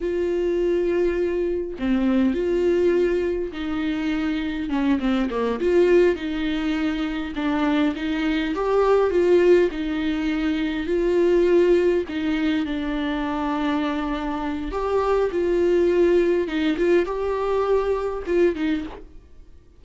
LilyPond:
\new Staff \with { instrumentName = "viola" } { \time 4/4 \tempo 4 = 102 f'2. c'4 | f'2 dis'2 | cis'8 c'8 ais8 f'4 dis'4.~ | dis'8 d'4 dis'4 g'4 f'8~ |
f'8 dis'2 f'4.~ | f'8 dis'4 d'2~ d'8~ | d'4 g'4 f'2 | dis'8 f'8 g'2 f'8 dis'8 | }